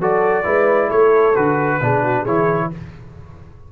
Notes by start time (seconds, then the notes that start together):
0.00 F#3 F#4 A4 D5
0.44 G#3 E4 B4
0.89 A3 A4 C#5
1.36 D3 F#4 B4
1.81 B2 D4 G#4
2.04 F#4
2.22 E3 E4 G#4 C#5